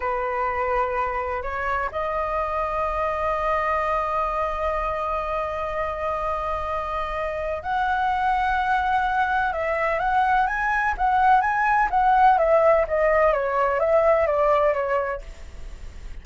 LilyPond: \new Staff \with { instrumentName = "flute" } { \time 4/4 \tempo 4 = 126 b'2. cis''4 | dis''1~ | dis''1~ | dis''1 |
fis''1 | e''4 fis''4 gis''4 fis''4 | gis''4 fis''4 e''4 dis''4 | cis''4 e''4 d''4 cis''4 | }